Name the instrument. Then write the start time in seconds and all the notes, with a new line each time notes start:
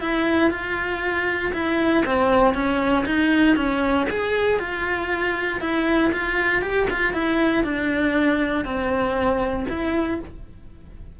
cello
0.00 E4
0.50 F4
1.53 E4
2.05 C4
2.54 C#4
3.05 D#4
3.56 C#4
4.09 G#4
4.59 F4
5.60 E4
6.12 F4
6.61 G4
6.90 F4
7.13 E4
7.64 D4
8.64 C4
9.68 E4